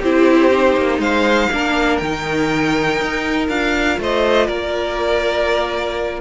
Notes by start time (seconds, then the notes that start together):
0.00 C4 E4 G4 C5
0.51 D#4
0.77 A#3
0.98 G#3 C5 F5
1.52 A#3 D4 A#4
1.97 D#3 G5
2.04 D#4
3.01 D#4
3.48 D4 F4 F5
3.99 A3 C5 D#5
4.47 A#3 A#4 D5